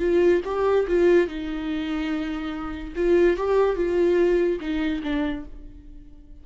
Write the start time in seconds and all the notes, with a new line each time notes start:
0.00 F4
0.45 G4
0.88 F4
1.28 D#4
2.96 F4
3.37 G4
3.76 F4
4.61 D#4
5.04 D4